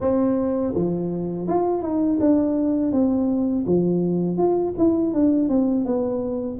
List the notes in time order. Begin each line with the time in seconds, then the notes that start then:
0.00 C4
0.74 F3
1.47 F4
1.82 D#4
2.20 D4
2.92 C4
3.66 F3
4.37 F4
4.78 E4
5.13 D4
5.48 C4
5.85 B3